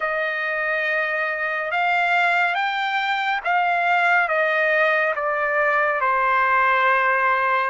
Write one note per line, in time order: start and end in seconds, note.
0.00 1.71 D#5
1.71 2.54 F5
2.54 3.40 G5
3.44 4.28 F5
4.28 5.14 D#5
5.15 6.00 D5
6.00 7.70 C5